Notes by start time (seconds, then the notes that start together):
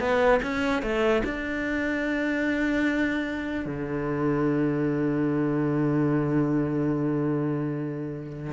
0.00 B3
0.42 C#4
0.82 A3
1.24 D4
3.66 D3